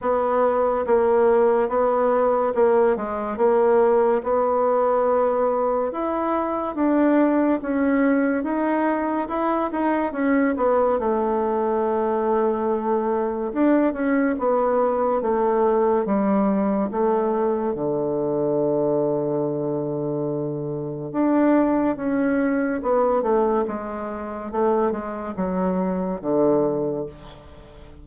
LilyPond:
\new Staff \with { instrumentName = "bassoon" } { \time 4/4 \tempo 4 = 71 b4 ais4 b4 ais8 gis8 | ais4 b2 e'4 | d'4 cis'4 dis'4 e'8 dis'8 | cis'8 b8 a2. |
d'8 cis'8 b4 a4 g4 | a4 d2.~ | d4 d'4 cis'4 b8 a8 | gis4 a8 gis8 fis4 d4 | }